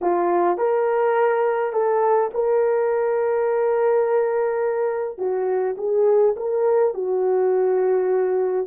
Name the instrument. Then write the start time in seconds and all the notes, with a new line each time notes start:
horn
0.01 F4
0.57 A#4
1.72 A4
2.33 A#4
5.17 F#4
5.77 G#4
6.36 A#4
6.94 F#4